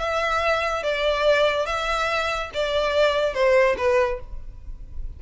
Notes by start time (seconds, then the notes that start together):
0.00 E5
0.83 D5
1.66 E5
2.54 D5
3.34 C5
3.78 B4